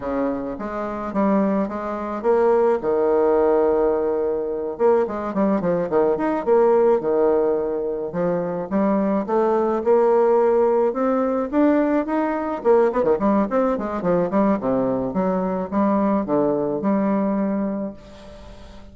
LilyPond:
\new Staff \with { instrumentName = "bassoon" } { \time 4/4 \tempo 4 = 107 cis4 gis4 g4 gis4 | ais4 dis2.~ | dis8 ais8 gis8 g8 f8 dis8 dis'8 ais8~ | ais8 dis2 f4 g8~ |
g8 a4 ais2 c'8~ | c'8 d'4 dis'4 ais8 b16 dis16 g8 | c'8 gis8 f8 g8 c4 fis4 | g4 d4 g2 | }